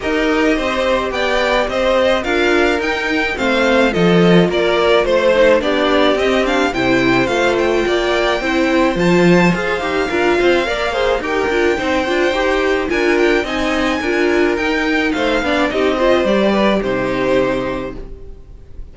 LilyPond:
<<
  \new Staff \with { instrumentName = "violin" } { \time 4/4 \tempo 4 = 107 dis''2 g''4 dis''4 | f''4 g''4 f''4 dis''4 | d''4 c''4 d''4 dis''8 f''8 | g''4 f''8 g''2~ g''8 |
a''4 f''2. | g''2. gis''8 g''8 | gis''2 g''4 f''4 | dis''4 d''4 c''2 | }
  \new Staff \with { instrumentName = "violin" } { \time 4/4 ais'4 c''4 d''4 c''4 | ais'2 c''4 a'4 | ais'4 c''4 g'2 | c''2 d''4 c''4~ |
c''2 ais'8 c''8 d''8 c''8 | ais'4 c''2 ais'4 | dis''4 ais'2 c''8 d''8 | g'8 c''4 b'8 g'2 | }
  \new Staff \with { instrumentName = "viola" } { \time 4/4 g'1 | f'4 dis'4 c'4 f'4~ | f'4. dis'8 d'4 c'8 d'8 | e'4 f'2 e'4 |
f'4 gis'8 g'8 f'4 ais'8 gis'8 | g'8 f'8 dis'8 f'8 g'4 f'4 | dis'4 f'4 dis'4. d'8 | dis'8 f'8 g'4 dis'2 | }
  \new Staff \with { instrumentName = "cello" } { \time 4/4 dis'4 c'4 b4 c'4 | d'4 dis'4 a4 f4 | ais4 a4 b4 c'4 | c4 a4 ais4 c'4 |
f4 f'8 dis'8 d'8 c'8 ais4 | dis'8 d'8 c'8 d'8 dis'4 d'4 | c'4 d'4 dis'4 a8 b8 | c'4 g4 c2 | }
>>